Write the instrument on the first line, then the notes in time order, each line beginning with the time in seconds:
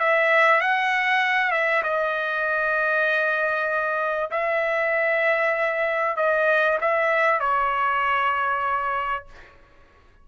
trumpet
0.00 E5
0.61 F#5
1.52 E5
1.84 D#5
4.31 E5
6.17 D#5
6.81 E5
7.40 C#5